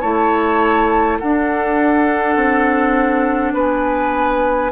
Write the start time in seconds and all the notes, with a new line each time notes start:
0.00 A3 E4 C#5 A5
1.18 D4 A4 F#5
2.36 C4
3.53 B3 B4 G#5